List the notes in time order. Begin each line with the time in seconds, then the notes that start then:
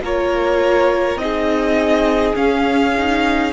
0.00 A#3 F4 A#4 C#5
1.16 C4 D#4 D#5
1.23 G#4
2.35 C#4 F5
2.98 D#4